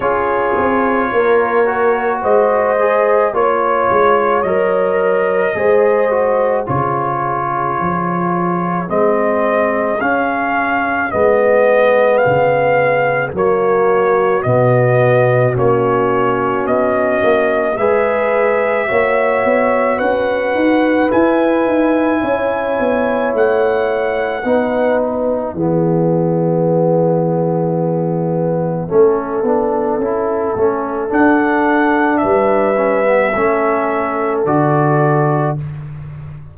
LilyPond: <<
  \new Staff \with { instrumentName = "trumpet" } { \time 4/4 \tempo 4 = 54 cis''2 dis''4 cis''4 | dis''2 cis''2 | dis''4 f''4 dis''4 f''4 | cis''4 dis''4 cis''4 dis''4 |
e''2 fis''4 gis''4~ | gis''4 fis''4. e''4.~ | e''1 | fis''4 e''2 d''4 | }
  \new Staff \with { instrumentName = "horn" } { \time 4/4 gis'4 ais'4 c''4 cis''4~ | cis''4 c''4 gis'2~ | gis'1 | fis'1 |
b'4 cis''4 b'2 | cis''2 b'4 gis'4~ | gis'2 a'2~ | a'4 b'4 a'2 | }
  \new Staff \with { instrumentName = "trombone" } { \time 4/4 f'4. fis'4 gis'8 f'4 | ais'4 gis'8 fis'8 f'2 | c'4 cis'4 b2 | ais4 b4 cis'2 |
gis'4 fis'2 e'4~ | e'2 dis'4 b4~ | b2 cis'8 d'8 e'8 cis'8 | d'4. cis'16 b16 cis'4 fis'4 | }
  \new Staff \with { instrumentName = "tuba" } { \time 4/4 cis'8 c'8 ais4 gis4 ais8 gis8 | fis4 gis4 cis4 f4 | gis4 cis'4 gis4 cis4 | fis4 b,4 ais4 b8 ais8 |
gis4 ais8 b8 cis'8 dis'8 e'8 dis'8 | cis'8 b8 a4 b4 e4~ | e2 a8 b8 cis'8 a8 | d'4 g4 a4 d4 | }
>>